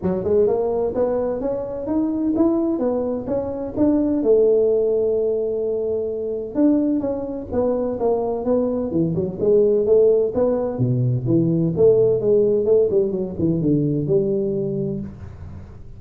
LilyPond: \new Staff \with { instrumentName = "tuba" } { \time 4/4 \tempo 4 = 128 fis8 gis8 ais4 b4 cis'4 | dis'4 e'4 b4 cis'4 | d'4 a2.~ | a2 d'4 cis'4 |
b4 ais4 b4 e8 fis8 | gis4 a4 b4 b,4 | e4 a4 gis4 a8 g8 | fis8 e8 d4 g2 | }